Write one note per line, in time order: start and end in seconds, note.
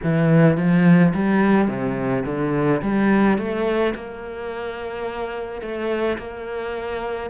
0.03 0.57 E3
0.57 1.13 F3
1.13 1.67 G3
1.67 2.24 C3
2.25 2.81 D3
2.82 3.38 G3
3.38 3.94 A3
3.95 5.61 A#3
5.61 6.17 A3
6.18 7.29 A#3